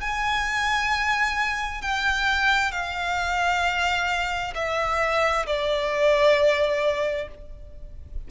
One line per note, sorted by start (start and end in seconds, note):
0.00 1.81 G#5
1.81 2.71 G5
2.71 4.53 F5
4.55 5.45 E5
5.46 7.28 D5